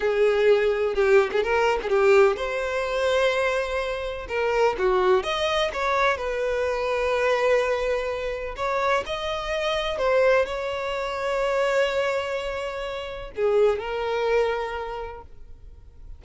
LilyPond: \new Staff \with { instrumentName = "violin" } { \time 4/4 \tempo 4 = 126 gis'2 g'8. gis'16 ais'8. gis'16 | g'4 c''2.~ | c''4 ais'4 fis'4 dis''4 | cis''4 b'2.~ |
b'2 cis''4 dis''4~ | dis''4 c''4 cis''2~ | cis''1 | gis'4 ais'2. | }